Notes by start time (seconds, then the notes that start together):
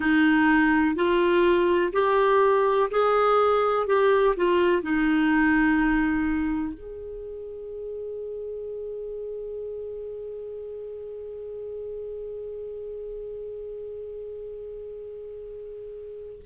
0.00 D#4
0.95 F4
1.93 G4
2.90 G#4
3.87 G4
4.36 F4
4.82 D#4
6.73 G#4